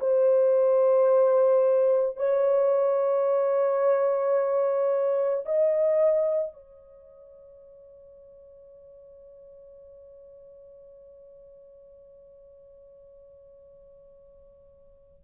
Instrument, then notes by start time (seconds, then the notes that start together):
horn
0.00 C5
2.17 C#5
5.45 D#5
6.54 C#5